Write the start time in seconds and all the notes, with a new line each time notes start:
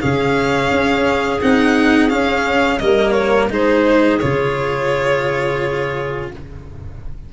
0.00 C#3 C#4 G#4 F5
0.71 C#4
1.41 C4 D#4 F#5
2.09 C#4 F5
2.78 G3 A#3 A#4 D#5
3.11 C#5
3.49 G#3 D#4 G#4 C5
4.18 C#3 F4 C#5